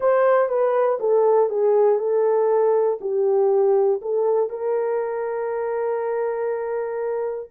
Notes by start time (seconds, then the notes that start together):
0.00 C5
0.48 B4
1.00 A4
1.49 G#4
1.98 A4
3.00 G4
4.01 A4
4.49 A#4